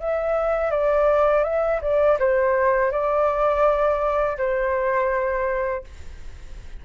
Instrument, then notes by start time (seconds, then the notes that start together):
flute
0.00 E5
0.71 D5
1.44 E5
1.82 D5
2.20 C5
2.91 D5
4.38 C5